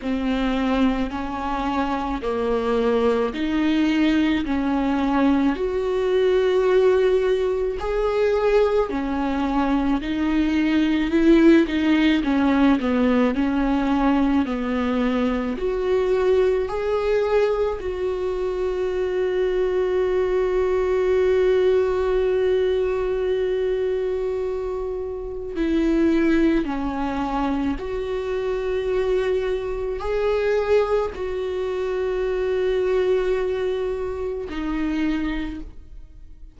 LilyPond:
\new Staff \with { instrumentName = "viola" } { \time 4/4 \tempo 4 = 54 c'4 cis'4 ais4 dis'4 | cis'4 fis'2 gis'4 | cis'4 dis'4 e'8 dis'8 cis'8 b8 | cis'4 b4 fis'4 gis'4 |
fis'1~ | fis'2. e'4 | cis'4 fis'2 gis'4 | fis'2. dis'4 | }